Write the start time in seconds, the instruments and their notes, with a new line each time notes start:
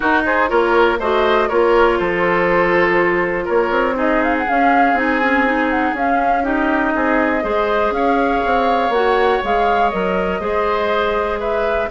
0.00 clarinet D#4, bassoon D#4, oboe F#4, flute A#4
0.25 oboe G#4, flute C5
0.48 bassoon A#3, clarinet F4, oboe A#4, flute C#5
0.99 bassoon A3, clarinet F#4, oboe C5, flute D#5
1.49 bassoon A#3, clarinet F4, oboe A#4, flute C#5
1.98 bassoon F3, oboe A4, flute C5
3.44 bassoon A#3, oboe A#4, flute C#5
3.70 bassoon C4
3.95 clarinet D#4, oboe G#4, flute D#5
4.23 flute F5
4.37 flute F#5
4.48 clarinet C#4, bassoon C#4, flute F5
4.93 bassoon C4, clarinet D#4, flute G#5
5.22 clarinet C#4
5.45 clarinet D#4
5.70 flute F#5
5.93 bassoon C#4, clarinet C#4, flute F5
6.43 clarinet D#4, oboe G4, flute D#5
6.95 bassoon C4, oboe G#4
7.42 bassoon G#3, clarinet G#4, oboe C5
7.90 bassoon C#4, oboe C#5, flute F5
8.45 bassoon C4
8.89 bassoon A#3, clarinet F#4, flute F#5
9.43 bassoon G#3, clarinet G#4, flute F5
9.89 bassoon F#3, clarinet A#4, flute D#5
10.40 bassoon G#3, clarinet G#4, oboe C5
11.39 oboe B4, flute E5